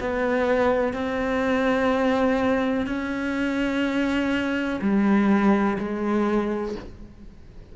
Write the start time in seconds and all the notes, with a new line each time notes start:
0.00 B3
0.93 C4
2.86 C#4
4.81 G3
5.78 G#3